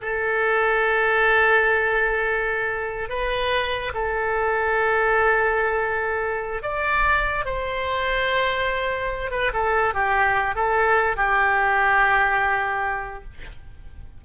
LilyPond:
\new Staff \with { instrumentName = "oboe" } { \time 4/4 \tempo 4 = 145 a'1~ | a'2.~ a'8 b'8~ | b'4. a'2~ a'8~ | a'1 |
d''2 c''2~ | c''2~ c''8 b'8 a'4 | g'4. a'4. g'4~ | g'1 | }